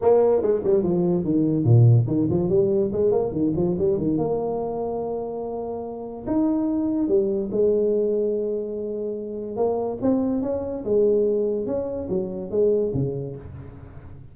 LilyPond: \new Staff \with { instrumentName = "tuba" } { \time 4/4 \tempo 4 = 144 ais4 gis8 g8 f4 dis4 | ais,4 dis8 f8 g4 gis8 ais8 | dis8 f8 g8 dis8 ais2~ | ais2. dis'4~ |
dis'4 g4 gis2~ | gis2. ais4 | c'4 cis'4 gis2 | cis'4 fis4 gis4 cis4 | }